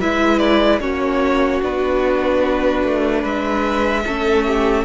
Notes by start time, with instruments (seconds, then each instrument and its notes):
0.00 cello G#3, viola E4, violin B4 E5
0.38 violin D5
0.80 cello A#3, viola C#4, violin F#4 C#5
1.62 cello B3, viola D4, violin B4
2.83 cello A3
3.22 cello G#3, violin B4 E5
4.06 cello A3, viola C#4, violin A4
4.46 violin G4